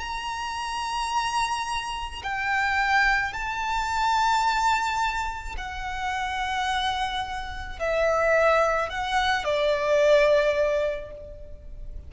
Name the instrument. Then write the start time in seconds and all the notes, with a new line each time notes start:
violin
0.00 A#5
2.23 G5
3.33 A5
5.57 F#5
7.79 E5
8.89 F#5
9.44 D5